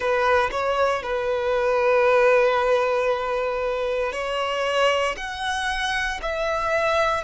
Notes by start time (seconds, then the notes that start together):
0.00 B4
0.51 C#5
1.03 B4
4.12 C#5
5.17 F#5
6.22 E5